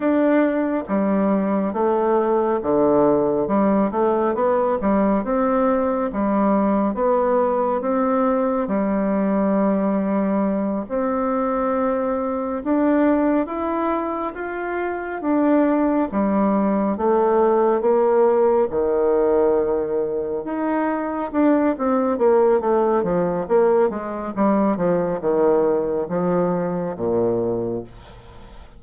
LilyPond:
\new Staff \with { instrumentName = "bassoon" } { \time 4/4 \tempo 4 = 69 d'4 g4 a4 d4 | g8 a8 b8 g8 c'4 g4 | b4 c'4 g2~ | g8 c'2 d'4 e'8~ |
e'8 f'4 d'4 g4 a8~ | a8 ais4 dis2 dis'8~ | dis'8 d'8 c'8 ais8 a8 f8 ais8 gis8 | g8 f8 dis4 f4 ais,4 | }